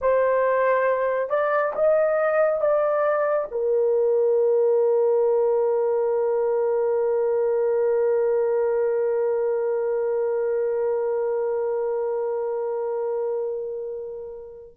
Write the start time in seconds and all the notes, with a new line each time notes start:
0.01 C5
1.29 D5
1.75 D#5
2.60 D5
3.51 A#4